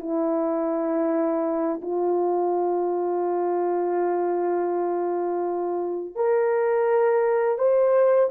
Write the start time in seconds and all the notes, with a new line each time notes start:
0.00 E4
1.82 F4
6.15 A#4
7.58 C5